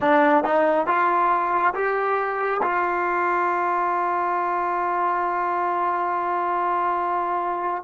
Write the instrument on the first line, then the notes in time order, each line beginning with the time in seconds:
trombone
0.00 D4
0.43 D#4
0.87 F4
1.74 G4
2.62 F4